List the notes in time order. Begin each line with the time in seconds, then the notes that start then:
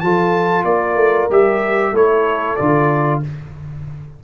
0.00 F3 F4 A4 A5
0.64 A#3 A#4 D5
0.96 A3
1.30 G3 G4 E5
1.92 A3 E4 A4 C#5
2.56 D3 F4 D5